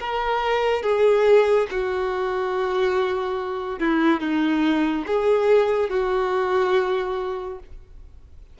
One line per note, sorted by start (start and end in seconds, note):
0.00 0.83 A#4
0.83 1.67 G#4
1.71 3.80 F#4
3.80 4.20 E4
4.20 5.05 D#4
5.07 5.90 G#4
5.90 7.59 F#4